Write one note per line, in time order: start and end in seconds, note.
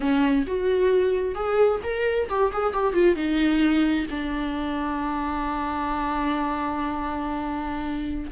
0.00 0.46 C#4
0.46 1.34 F#4
1.34 1.80 G#4
1.83 2.28 A#4
2.29 2.52 G4
2.52 2.73 G#4
2.73 2.93 G4
2.93 3.15 F4
3.15 4.06 D#4
4.10 8.31 D4